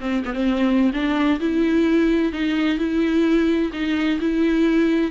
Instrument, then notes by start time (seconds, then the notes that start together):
viola
0.00 C4
0.25 B3
0.33 C4
0.93 D4
1.40 E4
2.32 D#4
2.78 E4
3.72 D#4
4.20 E4